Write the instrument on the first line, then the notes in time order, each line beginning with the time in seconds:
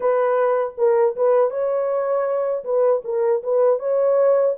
horn
0.00 B4
0.77 A#4
1.16 B4
1.50 C#5
2.64 B4
3.04 A#4
3.43 B4
3.79 C#5